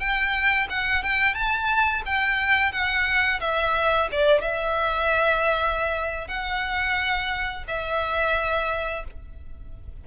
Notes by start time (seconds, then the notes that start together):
0.00 G5
0.70 F#5
1.04 G5
1.35 A5
2.06 G5
2.72 F#5
3.41 E5
4.12 D5
4.42 E5
6.28 F#5
7.68 E5